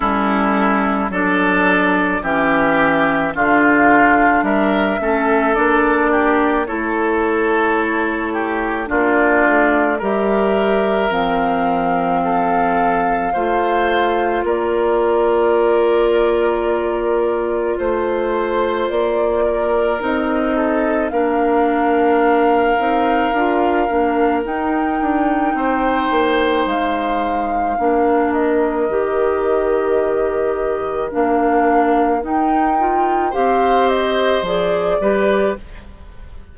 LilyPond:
<<
  \new Staff \with { instrumentName = "flute" } { \time 4/4 \tempo 4 = 54 a'4 d''4 e''4 f''4 | e''4 d''4 cis''2 | d''4 e''4 f''2~ | f''4 d''2. |
c''4 d''4 dis''4 f''4~ | f''2 g''2 | f''4. dis''2~ dis''8 | f''4 g''4 f''8 dis''8 d''4 | }
  \new Staff \with { instrumentName = "oboe" } { \time 4/4 e'4 a'4 g'4 f'4 | ais'8 a'4 g'8 a'4. g'8 | f'4 ais'2 a'4 | c''4 ais'2. |
c''4. ais'4 a'8 ais'4~ | ais'2. c''4~ | c''4 ais'2.~ | ais'2 c''4. b'8 | }
  \new Staff \with { instrumentName = "clarinet" } { \time 4/4 cis'4 d'4 cis'4 d'4~ | d'8 cis'8 d'4 e'2 | d'4 g'4 c'2 | f'1~ |
f'2 dis'4 d'4~ | d'8 dis'8 f'8 d'8 dis'2~ | dis'4 d'4 g'2 | d'4 dis'8 f'8 g'4 gis'8 g'8 | }
  \new Staff \with { instrumentName = "bassoon" } { \time 4/4 g4 fis4 e4 d4 | g8 a8 ais4 a2 | ais8 a8 g4 f2 | a4 ais2. |
a4 ais4 c'4 ais4~ | ais8 c'8 d'8 ais8 dis'8 d'8 c'8 ais8 | gis4 ais4 dis2 | ais4 dis'4 c'4 f8 g8 | }
>>